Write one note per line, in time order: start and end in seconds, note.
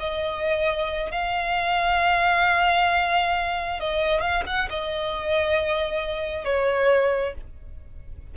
0.00 1.12 D#5
1.12 3.80 F5
3.80 4.21 D#5
4.21 4.44 F5
4.47 4.69 F#5
4.70 6.45 D#5
6.45 7.34 C#5